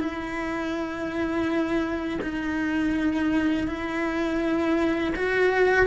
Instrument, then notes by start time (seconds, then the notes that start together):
cello
0.00 E4
2.22 D#4
3.68 E4
5.16 F#4